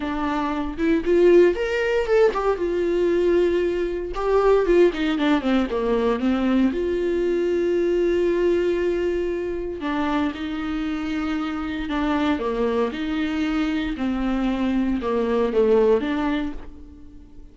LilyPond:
\new Staff \with { instrumentName = "viola" } { \time 4/4 \tempo 4 = 116 d'4. e'8 f'4 ais'4 | a'8 g'8 f'2. | g'4 f'8 dis'8 d'8 c'8 ais4 | c'4 f'2.~ |
f'2. d'4 | dis'2. d'4 | ais4 dis'2 c'4~ | c'4 ais4 a4 d'4 | }